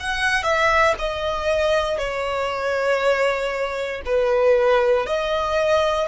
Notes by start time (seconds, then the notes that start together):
0.00 F#5
0.43 E5
0.99 D#5
1.98 C#5
4.05 B4
5.06 D#5